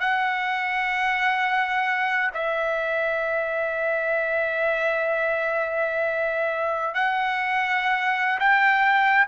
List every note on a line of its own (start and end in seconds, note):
0.00 2.31 F#5
2.34 6.94 E5
6.94 8.39 F#5
8.40 9.26 G5